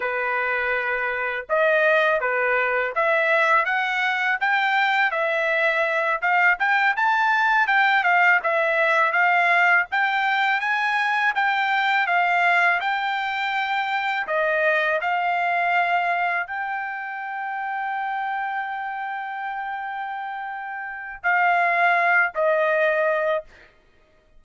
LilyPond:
\new Staff \with { instrumentName = "trumpet" } { \time 4/4 \tempo 4 = 82 b'2 dis''4 b'4 | e''4 fis''4 g''4 e''4~ | e''8 f''8 g''8 a''4 g''8 f''8 e''8~ | e''8 f''4 g''4 gis''4 g''8~ |
g''8 f''4 g''2 dis''8~ | dis''8 f''2 g''4.~ | g''1~ | g''4 f''4. dis''4. | }